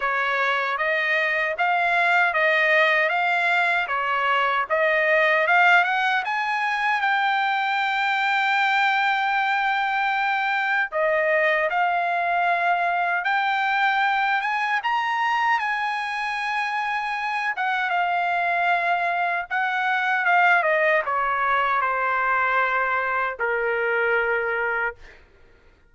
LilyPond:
\new Staff \with { instrumentName = "trumpet" } { \time 4/4 \tempo 4 = 77 cis''4 dis''4 f''4 dis''4 | f''4 cis''4 dis''4 f''8 fis''8 | gis''4 g''2.~ | g''2 dis''4 f''4~ |
f''4 g''4. gis''8 ais''4 | gis''2~ gis''8 fis''8 f''4~ | f''4 fis''4 f''8 dis''8 cis''4 | c''2 ais'2 | }